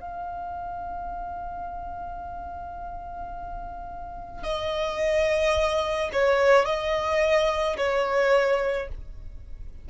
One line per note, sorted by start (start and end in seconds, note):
0.00 4.43 F5
4.43 6.10 D#5
6.13 6.65 C#5
6.65 7.76 D#5
7.77 8.88 C#5